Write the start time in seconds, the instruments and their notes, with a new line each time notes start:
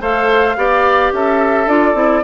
0.00 bassoon A3, clarinet A4, oboe C5, flute F5
0.56 bassoon B3, clarinet G4, oboe D5
1.12 bassoon C#4, oboe A4, flute E5
1.66 bassoon D4, clarinet F4, flute D5
1.94 bassoon C4, clarinet E4